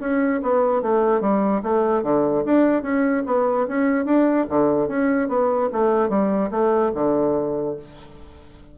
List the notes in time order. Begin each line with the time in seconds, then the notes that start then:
0.00 C#4
0.42 B3
0.82 A3
1.21 G3
1.63 A3
2.03 D3
2.45 D4
2.82 C#4
3.26 B3
3.68 C#4
4.05 D4
4.49 D3
4.88 C#4
5.28 B3
5.72 A3
6.09 G3
6.51 A3
6.94 D3